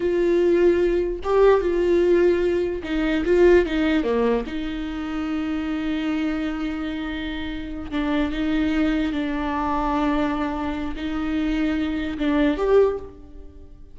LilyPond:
\new Staff \with { instrumentName = "viola" } { \time 4/4 \tempo 4 = 148 f'2. g'4 | f'2. dis'4 | f'4 dis'4 ais4 dis'4~ | dis'1~ |
dis'2.~ dis'8 d'8~ | d'8 dis'2 d'4.~ | d'2. dis'4~ | dis'2 d'4 g'4 | }